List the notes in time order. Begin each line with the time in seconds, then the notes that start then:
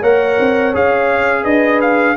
0.00 A#3 A#4 C#5 F#5
0.39 C4
0.74 C#4 G#4 F5
1.43 D4 B4 D#5
1.81 F5